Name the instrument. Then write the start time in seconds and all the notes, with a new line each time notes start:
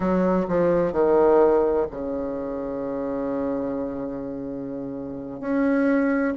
bassoon
0.00 F#3
0.48 F3
0.92 D#3
1.90 C#3
5.40 C#4